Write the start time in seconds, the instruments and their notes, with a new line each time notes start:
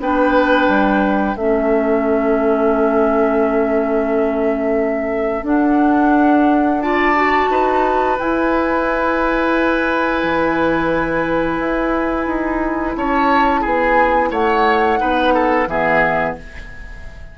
0.00 bassoon B3, clarinet D4, oboe B4, flute G5
0.68 bassoon G3
1.35 bassoon A3, clarinet C#4, oboe A4, flute E5
5.43 bassoon D4, clarinet D4, flute F#5
6.82 clarinet F4, oboe D5, flute A5
7.15 clarinet F#4
7.50 bassoon D#4, oboe B4
8.19 clarinet E4, bassoon E4, flute G#5
10.23 bassoon E3
11.59 bassoon E4
12.27 bassoon D#4
12.96 bassoon C#4, oboe C#5, flute A5
13.61 bassoon B3, oboe G#4, flute G#5
14.31 bassoon A3, oboe C#5, flute F#5
14.98 bassoon B3, clarinet D#4, oboe B4
15.35 oboe A4
15.67 bassoon E3, clarinet B3, oboe G#4, flute E5